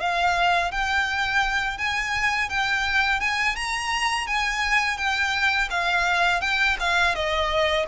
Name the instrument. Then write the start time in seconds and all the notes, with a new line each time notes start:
violin
0.00 F5
0.71 G5
1.78 G#5
2.49 G5
3.20 G#5
3.56 A#5
4.27 G#5
4.97 G5
5.70 F5
6.41 G5
6.80 F5
7.15 D#5